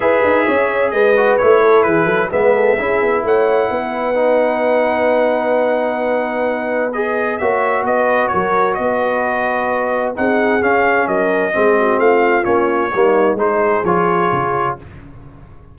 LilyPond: <<
  \new Staff \with { instrumentName = "trumpet" } { \time 4/4 \tempo 4 = 130 e''2 dis''4 cis''4 | b'4 e''2 fis''4~ | fis''1~ | fis''2. dis''4 |
e''4 dis''4 cis''4 dis''4~ | dis''2 fis''4 f''4 | dis''2 f''4 cis''4~ | cis''4 c''4 cis''2 | }
  \new Staff \with { instrumentName = "horn" } { \time 4/4 b'4 cis''4 b'4. a'8 | gis'8 a'8 b'8 a'8 gis'4 cis''4 | b'1~ | b'1 |
cis''4 b'4 ais'4 b'4~ | b'2 gis'2 | ais'4 gis'8 fis'8 f'2 | dis'4 gis'2. | }
  \new Staff \with { instrumentName = "trombone" } { \time 4/4 gis'2~ gis'8 fis'8 e'4~ | e'4 b4 e'2~ | e'4 dis'2.~ | dis'2. gis'4 |
fis'1~ | fis'2 dis'4 cis'4~ | cis'4 c'2 cis'4 | ais4 dis'4 f'2 | }
  \new Staff \with { instrumentName = "tuba" } { \time 4/4 e'8 dis'8 cis'4 gis4 a4 | e8 fis8 gis4 cis'8 b8 a4 | b1~ | b1 |
ais4 b4 fis4 b4~ | b2 c'4 cis'4 | fis4 gis4 a4 ais4 | g4 gis4 f4 cis4 | }
>>